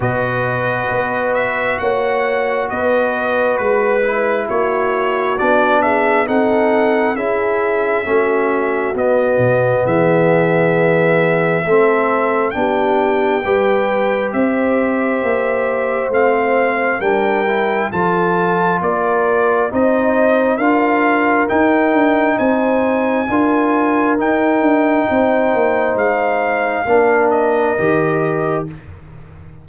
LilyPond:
<<
  \new Staff \with { instrumentName = "trumpet" } { \time 4/4 \tempo 4 = 67 dis''4. e''8 fis''4 dis''4 | b'4 cis''4 d''8 e''8 fis''4 | e''2 dis''4 e''4~ | e''2 g''2 |
e''2 f''4 g''4 | a''4 d''4 dis''4 f''4 | g''4 gis''2 g''4~ | g''4 f''4. dis''4. | }
  \new Staff \with { instrumentName = "horn" } { \time 4/4 b'2 cis''4 b'4~ | b'4 fis'4. gis'8 a'4 | gis'4 fis'2 gis'4~ | gis'4 a'4 g'4 b'4 |
c''2. ais'4 | a'4 ais'4 c''4 ais'4~ | ais'4 c''4 ais'2 | c''2 ais'2 | }
  \new Staff \with { instrumentName = "trombone" } { \time 4/4 fis'1~ | fis'8 e'4. d'4 dis'4 | e'4 cis'4 b2~ | b4 c'4 d'4 g'4~ |
g'2 c'4 d'8 e'8 | f'2 dis'4 f'4 | dis'2 f'4 dis'4~ | dis'2 d'4 g'4 | }
  \new Staff \with { instrumentName = "tuba" } { \time 4/4 b,4 b4 ais4 b4 | gis4 ais4 b4 c'4 | cis'4 a4 b8 b,8 e4~ | e4 a4 b4 g4 |
c'4 ais4 a4 g4 | f4 ais4 c'4 d'4 | dis'8 d'8 c'4 d'4 dis'8 d'8 | c'8 ais8 gis4 ais4 dis4 | }
>>